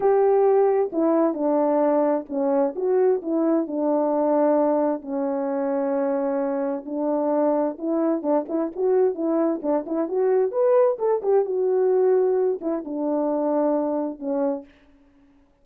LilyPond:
\new Staff \with { instrumentName = "horn" } { \time 4/4 \tempo 4 = 131 g'2 e'4 d'4~ | d'4 cis'4 fis'4 e'4 | d'2. cis'4~ | cis'2. d'4~ |
d'4 e'4 d'8 e'8 fis'4 | e'4 d'8 e'8 fis'4 b'4 | a'8 g'8 fis'2~ fis'8 e'8 | d'2. cis'4 | }